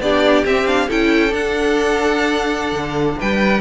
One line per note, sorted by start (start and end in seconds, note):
0.00 0.44 B3
0.00 0.47 D4
0.00 0.88 G4
0.00 0.45 D5
0.45 0.89 C4
0.45 0.67 C4
0.45 0.67 E5
0.67 0.89 D4
0.67 0.89 F5
0.88 1.33 C#4
0.88 1.30 E4
0.88 3.18 A4
0.88 1.34 G5
1.30 3.59 D4
1.30 2.72 D4
1.30 3.20 F#5
2.72 3.16 D3
3.19 3.61 G3
3.19 3.61 B4
3.19 3.61 G5